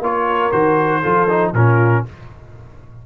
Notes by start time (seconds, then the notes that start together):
0.00 A#3 F4 A#4 C#5
0.51 D#3 F#4 C5
1.02 F3 F4 A4
1.29 D#4
1.53 A#2 C#4 F4 A#4